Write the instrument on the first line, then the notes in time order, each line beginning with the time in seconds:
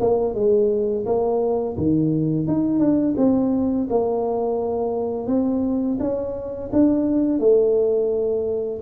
tuba
0.00 A#3
0.34 G#3
1.06 A#3
1.76 D#3
2.47 D#4
2.79 D4
3.17 C4
3.90 A#3
5.27 C4
6.00 C#4
6.73 D4
7.39 A3